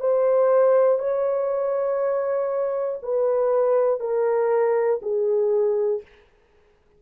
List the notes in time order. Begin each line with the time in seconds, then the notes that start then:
0.00 C5
0.99 C#5
3.02 B4
4.00 A#4
5.02 G#4